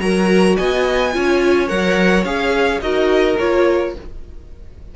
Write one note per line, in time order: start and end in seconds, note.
0.00 0.57 F#3
0.00 1.12 F#4
0.00 0.57 A#4
0.00 0.56 A#5
0.57 1.15 B3
0.57 1.13 D#5
0.57 1.68 G#5
1.13 1.71 C#4
1.13 1.68 F4
1.13 2.83 C#5
1.68 2.24 F#3
1.68 2.24 A#4
1.68 2.24 F#5
2.24 2.80 C#4
2.24 2.82 G#4
2.24 2.81 F5
2.81 3.37 D#4
2.81 3.38 F#4
2.81 3.95 A#4
2.81 3.37 D#5
3.39 3.96 A#3
3.39 3.96 F4
3.39 3.95 C#5